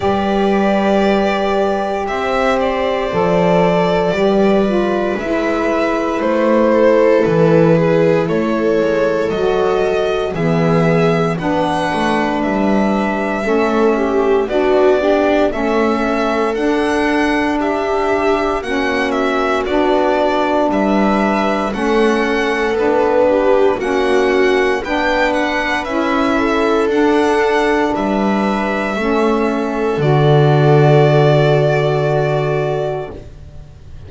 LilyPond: <<
  \new Staff \with { instrumentName = "violin" } { \time 4/4 \tempo 4 = 58 d''2 e''8 d''4.~ | d''4 e''4 c''4 b'4 | cis''4 dis''4 e''4 fis''4 | e''2 d''4 e''4 |
fis''4 e''4 fis''8 e''8 d''4 | e''4 fis''4 b'4 fis''4 | g''8 fis''8 e''4 fis''4 e''4~ | e''4 d''2. | }
  \new Staff \with { instrumentName = "viola" } { \time 4/4 b'2 c''2 | b'2~ b'8 a'4 gis'8 | a'2 gis'4 b'4~ | b'4 a'8 g'8 fis'8 d'8 a'4~ |
a'4 g'4 fis'2 | b'4 a'4. g'8 fis'4 | b'4. a'4. b'4 | a'1 | }
  \new Staff \with { instrumentName = "saxophone" } { \time 4/4 g'2. a'4 | g'8 f'8 e'2.~ | e'4 fis'4 b4 d'4~ | d'4 cis'4 d'8 g'8 cis'4 |
d'2 cis'4 d'4~ | d'4 cis'4 d'4 cis'4 | d'4 e'4 d'2 | cis'4 fis'2. | }
  \new Staff \with { instrumentName = "double bass" } { \time 4/4 g2 c'4 f4 | g4 gis4 a4 e4 | a8 gis8 fis4 e4 b8 a8 | g4 a4 b4 a4 |
d'2 ais4 b4 | g4 a4 b4 ais4 | b4 cis'4 d'4 g4 | a4 d2. | }
>>